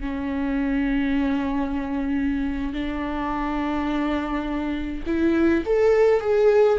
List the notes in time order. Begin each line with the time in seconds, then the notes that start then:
0.00 C#4
2.73 D4
5.06 E4
5.65 A4
6.20 G#4